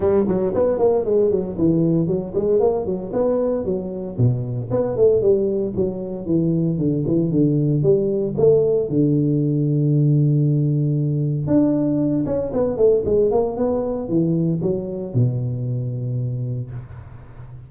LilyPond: \new Staff \with { instrumentName = "tuba" } { \time 4/4 \tempo 4 = 115 g8 fis8 b8 ais8 gis8 fis8 e4 | fis8 gis8 ais8 fis8 b4 fis4 | b,4 b8 a8 g4 fis4 | e4 d8 e8 d4 g4 |
a4 d2.~ | d2 d'4. cis'8 | b8 a8 gis8 ais8 b4 e4 | fis4 b,2. | }